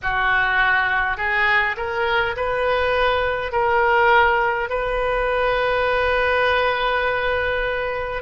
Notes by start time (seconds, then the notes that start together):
0.02 F#4
1.17 G#4
1.76 A#4
2.36 B4
3.51 A#4
4.69 B4